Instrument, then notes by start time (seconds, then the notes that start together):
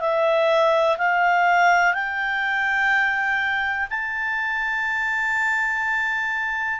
clarinet
0.00 E5
0.98 F5
1.94 G5
3.90 A5